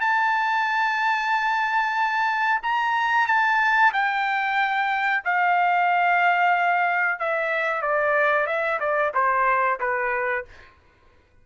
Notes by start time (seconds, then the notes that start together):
0.00 A5
2.63 A#5
3.27 A5
3.93 G5
5.25 F5
7.19 E5
7.82 D5
8.47 E5
8.80 D5
9.14 C5
9.80 B4